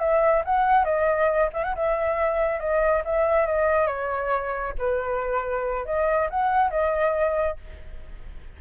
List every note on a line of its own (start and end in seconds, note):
0.00 0.43 E5
0.45 0.85 F#5
0.85 1.50 D#5
1.54 1.64 E5
1.64 1.75 F#5
1.76 2.60 E5
2.60 3.03 D#5
3.05 3.47 E5
3.47 3.87 D#5
3.87 4.74 C#5
4.79 5.86 B4
5.86 6.29 D#5
6.30 6.71 F#5
6.71 7.58 D#5